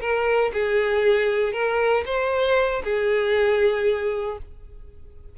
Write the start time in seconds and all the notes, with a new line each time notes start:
0.00 A#4
0.53 G#4
1.52 A#4
2.05 C5
2.84 G#4